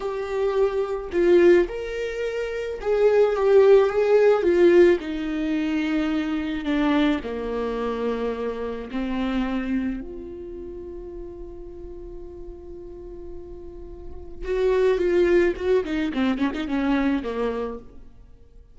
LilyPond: \new Staff \with { instrumentName = "viola" } { \time 4/4 \tempo 4 = 108 g'2 f'4 ais'4~ | ais'4 gis'4 g'4 gis'4 | f'4 dis'2. | d'4 ais2. |
c'2 f'2~ | f'1~ | f'2 fis'4 f'4 | fis'8 dis'8 c'8 cis'16 dis'16 cis'4 ais4 | }